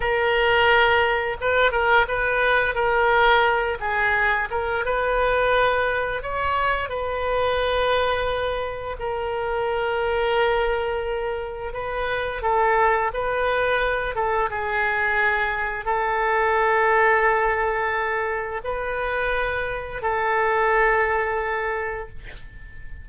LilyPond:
\new Staff \with { instrumentName = "oboe" } { \time 4/4 \tempo 4 = 87 ais'2 b'8 ais'8 b'4 | ais'4. gis'4 ais'8 b'4~ | b'4 cis''4 b'2~ | b'4 ais'2.~ |
ais'4 b'4 a'4 b'4~ | b'8 a'8 gis'2 a'4~ | a'2. b'4~ | b'4 a'2. | }